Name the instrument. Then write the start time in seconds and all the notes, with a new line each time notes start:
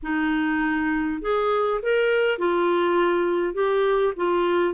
clarinet
0.02 D#4
1.21 G#4
1.82 A#4
2.38 F4
3.54 G4
4.16 F4